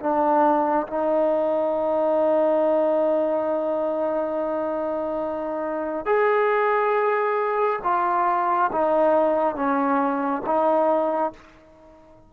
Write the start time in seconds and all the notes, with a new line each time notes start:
0.00 D4
0.87 D#4
6.06 G#4
7.84 F4
8.72 D#4
9.56 C#4
10.46 D#4